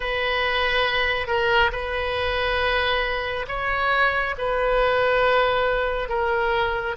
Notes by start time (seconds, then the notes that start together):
0.00 B4
1.27 A#4
1.72 B4
3.48 C#5
4.38 B4
6.09 A#4